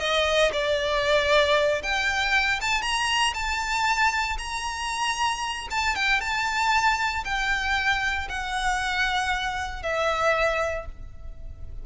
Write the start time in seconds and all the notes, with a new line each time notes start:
0.00 D#5
0.53 D5
1.83 G5
2.61 A5
2.82 A#5
3.34 A5
4.39 A#5
5.71 A5
5.96 G5
6.21 A5
7.25 G5
8.29 F#5
9.83 E5